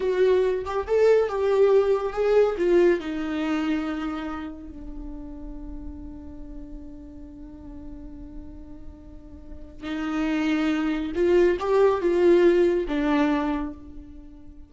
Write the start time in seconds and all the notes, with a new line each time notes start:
0.00 F#4
0.65 G4
0.87 A4
1.28 G4
2.12 G#4
2.57 F4
2.99 D#4
4.69 D4
9.83 D#4
11.14 F4
11.59 G4
12.01 F4
12.87 D4